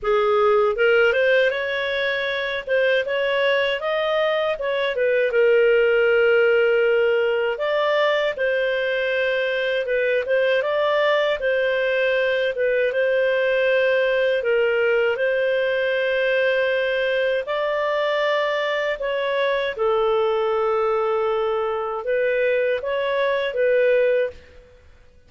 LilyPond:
\new Staff \with { instrumentName = "clarinet" } { \time 4/4 \tempo 4 = 79 gis'4 ais'8 c''8 cis''4. c''8 | cis''4 dis''4 cis''8 b'8 ais'4~ | ais'2 d''4 c''4~ | c''4 b'8 c''8 d''4 c''4~ |
c''8 b'8 c''2 ais'4 | c''2. d''4~ | d''4 cis''4 a'2~ | a'4 b'4 cis''4 b'4 | }